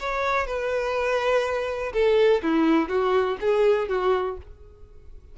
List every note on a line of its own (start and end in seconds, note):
0.00 0.46 C#5
0.46 1.93 B4
1.93 2.42 A4
2.43 2.89 E4
2.89 3.37 F#4
3.41 3.88 G#4
3.88 4.37 F#4